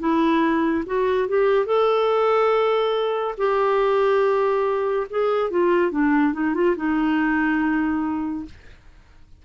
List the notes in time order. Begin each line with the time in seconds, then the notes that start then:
0.00 E4
0.87 F#4
1.29 G4
1.66 A4
3.38 G4
5.10 G#4
5.51 F4
5.92 D4
6.34 D#4
6.55 F4
6.77 D#4